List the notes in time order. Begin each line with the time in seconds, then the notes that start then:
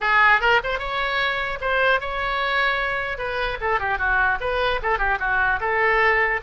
0.01 G#4
0.40 A#4
0.63 C5
0.79 C#5
1.60 C5
2.00 C#5
3.18 B4
3.61 A4
3.79 G4
3.98 F#4
4.40 B4
4.82 A4
4.98 G4
5.19 F#4
5.60 A4